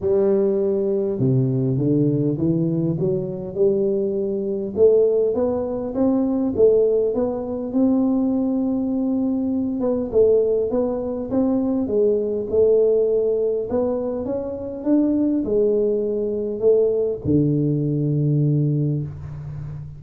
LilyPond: \new Staff \with { instrumentName = "tuba" } { \time 4/4 \tempo 4 = 101 g2 c4 d4 | e4 fis4 g2 | a4 b4 c'4 a4 | b4 c'2.~ |
c'8 b8 a4 b4 c'4 | gis4 a2 b4 | cis'4 d'4 gis2 | a4 d2. | }